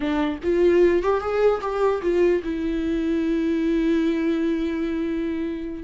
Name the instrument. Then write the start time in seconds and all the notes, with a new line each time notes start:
viola
0.00 D4
0.43 F4
1.02 G4
1.20 G#4
1.61 G4
2.02 F4
2.43 E4